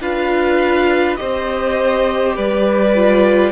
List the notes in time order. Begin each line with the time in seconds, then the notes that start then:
0.00 D4 F4 B4 F5
1.16 C4 G4 C5 D#5
2.36 G3 B4 D5
2.95 F4